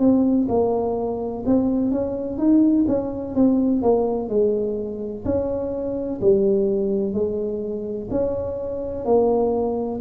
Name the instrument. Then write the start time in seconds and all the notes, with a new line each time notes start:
tuba
0.00 C4
0.49 A#3
1.46 C4
1.92 C#4
2.39 D#4
2.88 C#4
3.35 C4
3.83 A#3
4.29 G#3
5.25 C#4
6.22 G3
7.14 G#3
8.11 C#4
9.06 A#3